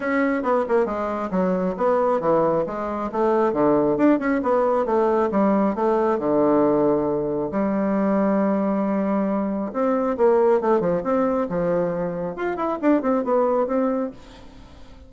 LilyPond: \new Staff \with { instrumentName = "bassoon" } { \time 4/4 \tempo 4 = 136 cis'4 b8 ais8 gis4 fis4 | b4 e4 gis4 a4 | d4 d'8 cis'8 b4 a4 | g4 a4 d2~ |
d4 g2.~ | g2 c'4 ais4 | a8 f8 c'4 f2 | f'8 e'8 d'8 c'8 b4 c'4 | }